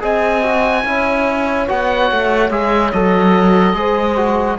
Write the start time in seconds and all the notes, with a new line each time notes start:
0.00 C4 G#4 D#5 G#5
0.42 F#4
0.84 C#4 E4 C#5
1.68 B3 F#4 F#5
2.11 A3
2.50 G#3 G#4 E5
2.91 F#3 A4 D#5
3.74 G#3 G#4 C5
4.16 F#4